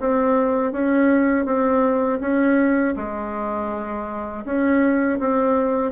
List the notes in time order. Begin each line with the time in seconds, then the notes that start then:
0.00 C4
0.72 C#4
1.46 C4
2.21 C#4
2.96 G#3
4.45 C#4
5.20 C4